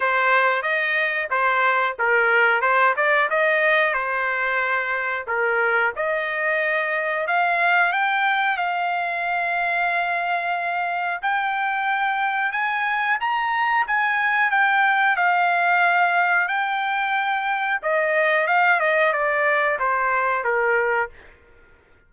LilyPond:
\new Staff \with { instrumentName = "trumpet" } { \time 4/4 \tempo 4 = 91 c''4 dis''4 c''4 ais'4 | c''8 d''8 dis''4 c''2 | ais'4 dis''2 f''4 | g''4 f''2.~ |
f''4 g''2 gis''4 | ais''4 gis''4 g''4 f''4~ | f''4 g''2 dis''4 | f''8 dis''8 d''4 c''4 ais'4 | }